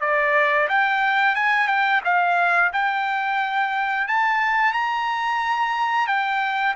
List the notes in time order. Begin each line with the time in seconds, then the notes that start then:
0.00 D5
0.68 G5
1.35 G#5
1.67 G5
2.04 F5
2.72 G5
4.07 A5
4.73 A#5
6.07 G5